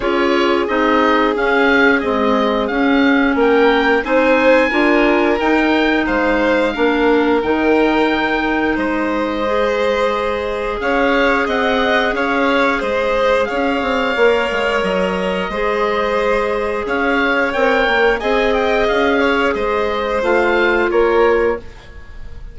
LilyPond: <<
  \new Staff \with { instrumentName = "oboe" } { \time 4/4 \tempo 4 = 89 cis''4 dis''4 f''4 dis''4 | f''4 g''4 gis''2 | g''4 f''2 g''4~ | g''4 dis''2. |
f''4 fis''4 f''4 dis''4 | f''2 dis''2~ | dis''4 f''4 g''4 gis''8 g''8 | f''4 dis''4 f''4 cis''4 | }
  \new Staff \with { instrumentName = "violin" } { \time 4/4 gis'1~ | gis'4 ais'4 c''4 ais'4~ | ais'4 c''4 ais'2~ | ais'4 c''2. |
cis''4 dis''4 cis''4 c''4 | cis''2. c''4~ | c''4 cis''2 dis''4~ | dis''8 cis''8 c''2 ais'4 | }
  \new Staff \with { instrumentName = "clarinet" } { \time 4/4 f'4 dis'4 cis'4 gis4 | cis'2 dis'4 f'4 | dis'2 d'4 dis'4~ | dis'2 gis'2~ |
gis'1~ | gis'4 ais'2 gis'4~ | gis'2 ais'4 gis'4~ | gis'2 f'2 | }
  \new Staff \with { instrumentName = "bassoon" } { \time 4/4 cis'4 c'4 cis'4 c'4 | cis'4 ais4 c'4 d'4 | dis'4 gis4 ais4 dis4~ | dis4 gis2. |
cis'4 c'4 cis'4 gis4 | cis'8 c'8 ais8 gis8 fis4 gis4~ | gis4 cis'4 c'8 ais8 c'4 | cis'4 gis4 a4 ais4 | }
>>